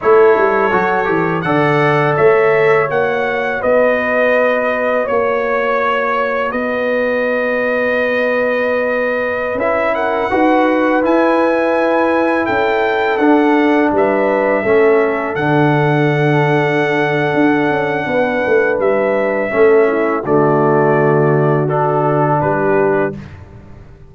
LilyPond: <<
  \new Staff \with { instrumentName = "trumpet" } { \time 4/4 \tempo 4 = 83 cis''2 fis''4 e''4 | fis''4 dis''2 cis''4~ | cis''4 dis''2.~ | dis''4~ dis''16 e''8 fis''4. gis''8.~ |
gis''4~ gis''16 g''4 fis''4 e''8.~ | e''4~ e''16 fis''2~ fis''8.~ | fis''2 e''2 | d''2 a'4 b'4 | }
  \new Staff \with { instrumentName = "horn" } { \time 4/4 a'2 d''4 cis''4~ | cis''4 b'2 cis''4~ | cis''4 b'2.~ | b'4.~ b'16 ais'8 b'4.~ b'16~ |
b'4~ b'16 a'2 b'8.~ | b'16 a'2.~ a'8.~ | a'4 b'2 a'8 e'8 | fis'2. g'4 | }
  \new Staff \with { instrumentName = "trombone" } { \time 4/4 e'4 fis'8 g'8 a'2 | fis'1~ | fis'1~ | fis'4~ fis'16 e'4 fis'4 e'8.~ |
e'2~ e'16 d'4.~ d'16~ | d'16 cis'4 d'2~ d'8.~ | d'2. cis'4 | a2 d'2 | }
  \new Staff \with { instrumentName = "tuba" } { \time 4/4 a8 g8 fis8 e8 d4 a4 | ais4 b2 ais4~ | ais4 b2.~ | b4~ b16 cis'4 dis'4 e'8.~ |
e'4~ e'16 cis'4 d'4 g8.~ | g16 a4 d2~ d8. | d'8 cis'8 b8 a8 g4 a4 | d2. g4 | }
>>